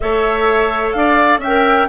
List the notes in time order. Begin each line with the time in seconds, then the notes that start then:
0.00 A3 A4 C#5 E5
0.92 D4 D5 F5
1.38 C#4 E5 G5
1.46 A#4